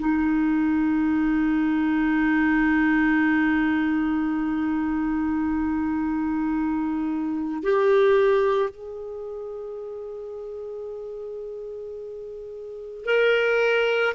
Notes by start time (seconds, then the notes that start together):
0.00 D#4
7.64 G4
8.70 G#4
13.06 A#4